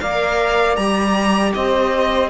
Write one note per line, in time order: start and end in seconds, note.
0.00 0.77 A#3
0.00 0.79 A#4
0.00 1.53 D5
0.00 0.76 F5
0.76 1.53 G3
0.76 2.30 G4
0.76 1.52 A#5
1.54 2.30 C4
1.54 2.30 C5
1.54 2.30 D#5